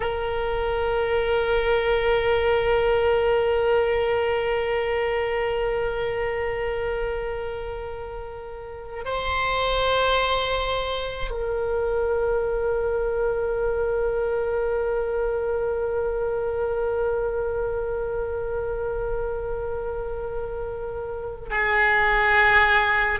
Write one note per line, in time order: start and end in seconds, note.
0.00 9.04 A#4
9.04 11.30 C5
11.30 21.49 A#4
21.50 23.19 G#4